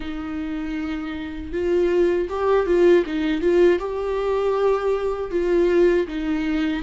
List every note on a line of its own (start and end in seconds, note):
0.00 1.52 D#4
1.52 2.28 F4
2.29 2.66 G4
2.66 3.04 F4
3.06 3.41 D#4
3.41 3.79 F4
3.79 5.30 G4
5.30 6.06 F4
6.07 6.83 D#4